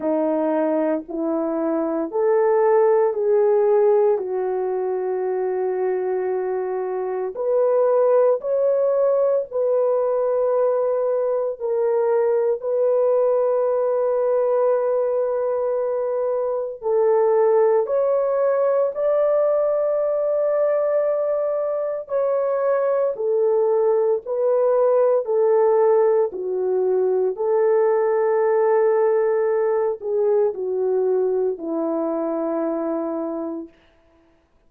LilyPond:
\new Staff \with { instrumentName = "horn" } { \time 4/4 \tempo 4 = 57 dis'4 e'4 a'4 gis'4 | fis'2. b'4 | cis''4 b'2 ais'4 | b'1 |
a'4 cis''4 d''2~ | d''4 cis''4 a'4 b'4 | a'4 fis'4 a'2~ | a'8 gis'8 fis'4 e'2 | }